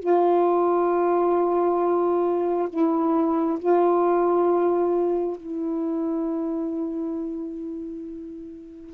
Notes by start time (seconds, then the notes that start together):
0.00 F4
2.69 E4
3.59 F4
5.37 E4